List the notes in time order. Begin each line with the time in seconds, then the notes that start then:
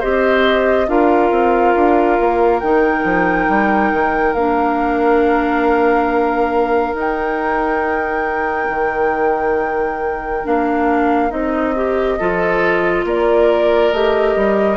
0.00 C4 G4 C5 D#5
0.88 D4 F4 A#4 F5
1.31 C4
1.76 D4
2.21 A#3
2.60 D#3 D#4 G5
3.04 F3
3.49 G3
3.93 D#3
4.34 A#3 D4 F5
6.94 D#4 G5
8.69 D#3
10.44 A#3 D4 F5
11.30 C4 D#4 D#5
11.76 G4
12.19 F3 F4 A4
13.05 A#3 A#4 D5
13.92 A3 G4 D#5
14.37 G3